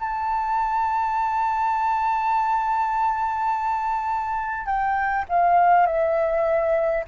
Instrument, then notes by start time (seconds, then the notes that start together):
flute
0.00 A5
4.66 G5
5.29 F5
5.87 E5